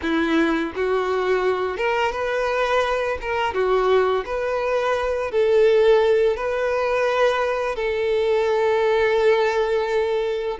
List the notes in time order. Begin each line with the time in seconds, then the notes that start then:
0.02 E4
0.75 F#4
1.76 A#4
2.12 B4
3.21 A#4
3.54 F#4
4.25 B4
5.31 A4
6.36 B4
7.75 A4